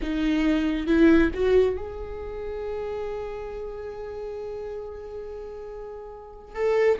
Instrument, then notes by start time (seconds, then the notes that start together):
viola
0.02 D#4
0.87 E4
1.34 F#4
1.76 G#4
6.55 A4